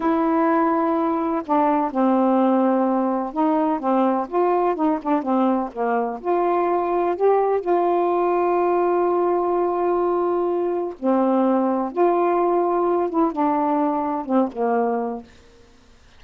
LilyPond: \new Staff \with { instrumentName = "saxophone" } { \time 4/4 \tempo 4 = 126 e'2. d'4 | c'2. dis'4 | c'4 f'4 dis'8 d'8 c'4 | ais4 f'2 g'4 |
f'1~ | f'2. c'4~ | c'4 f'2~ f'8 e'8 | d'2 c'8 ais4. | }